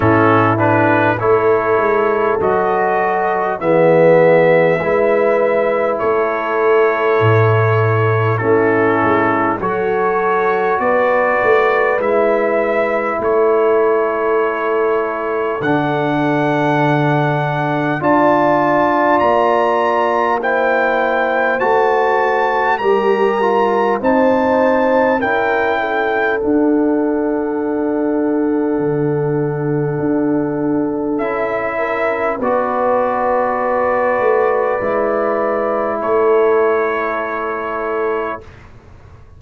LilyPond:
<<
  \new Staff \with { instrumentName = "trumpet" } { \time 4/4 \tempo 4 = 50 a'8 b'8 cis''4 dis''4 e''4~ | e''4 cis''2 a'4 | cis''4 d''4 e''4 cis''4~ | cis''4 fis''2 a''4 |
ais''4 g''4 a''4 ais''4 | a''4 g''4 fis''2~ | fis''2 e''4 d''4~ | d''2 cis''2 | }
  \new Staff \with { instrumentName = "horn" } { \time 4/4 e'4 a'2 gis'4 | b'4 a'2 e'4 | a'4 b'2 a'4~ | a'2. d''4~ |
d''4 c''2 ais'4 | c''4 ais'8 a'2~ a'8~ | a'2~ a'8 ais'8 b'4~ | b'2 a'2 | }
  \new Staff \with { instrumentName = "trombone" } { \time 4/4 cis'8 d'8 e'4 fis'4 b4 | e'2. cis'4 | fis'2 e'2~ | e'4 d'2 f'4~ |
f'4 e'4 fis'4 g'8 f'8 | dis'4 e'4 d'2~ | d'2 e'4 fis'4~ | fis'4 e'2. | }
  \new Staff \with { instrumentName = "tuba" } { \time 4/4 a,4 a8 gis8 fis4 e4 | gis4 a4 a,4 a8 gis8 | fis4 b8 a8 gis4 a4~ | a4 d2 d'4 |
ais2 a4 g4 | c'4 cis'4 d'2 | d4 d'4 cis'4 b4~ | b8 a8 gis4 a2 | }
>>